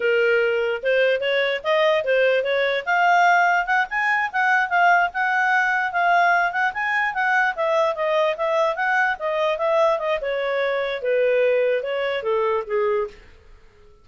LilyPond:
\new Staff \with { instrumentName = "clarinet" } { \time 4/4 \tempo 4 = 147 ais'2 c''4 cis''4 | dis''4 c''4 cis''4 f''4~ | f''4 fis''8 gis''4 fis''4 f''8~ | f''8 fis''2 f''4. |
fis''8 gis''4 fis''4 e''4 dis''8~ | dis''8 e''4 fis''4 dis''4 e''8~ | e''8 dis''8 cis''2 b'4~ | b'4 cis''4 a'4 gis'4 | }